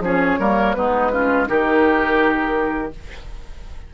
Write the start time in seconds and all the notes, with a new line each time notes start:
0.00 F3 C#4 G#4 C#5
0.39 G3 A#3 A#4
0.73 G#3 B3 D#4 B4
1.12 C#4 F4
1.46 D#3 D#4 G4 A#4